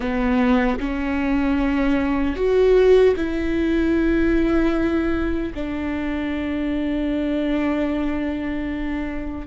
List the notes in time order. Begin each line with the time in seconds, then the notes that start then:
0.00 B3
0.79 C#4
2.35 F#4
3.16 E4
5.54 D4